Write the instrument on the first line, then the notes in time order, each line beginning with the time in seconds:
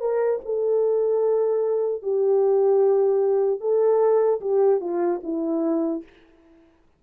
horn
0.00 A#4
0.45 A4
2.03 G4
3.60 A4
4.41 G4
4.80 F4
5.23 E4